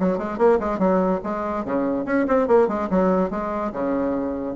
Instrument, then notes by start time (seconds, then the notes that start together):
bassoon
0.00 F#3
0.18 G#3
0.38 A#3
0.60 G#3
0.79 F#3
1.24 G#3
1.65 C#3
2.06 C#4
2.28 C4
2.48 A#3
2.68 G#3
2.90 F#3
3.31 G#3
3.73 C#3